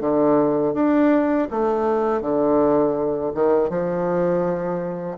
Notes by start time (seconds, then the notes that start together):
0.00 D3
0.74 D4
1.51 A3
2.21 D3
3.34 D#3
3.69 F3